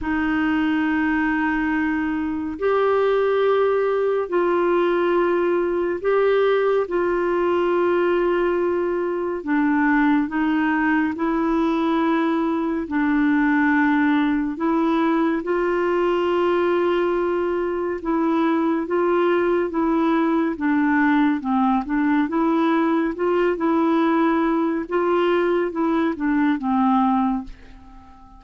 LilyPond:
\new Staff \with { instrumentName = "clarinet" } { \time 4/4 \tempo 4 = 70 dis'2. g'4~ | g'4 f'2 g'4 | f'2. d'4 | dis'4 e'2 d'4~ |
d'4 e'4 f'2~ | f'4 e'4 f'4 e'4 | d'4 c'8 d'8 e'4 f'8 e'8~ | e'4 f'4 e'8 d'8 c'4 | }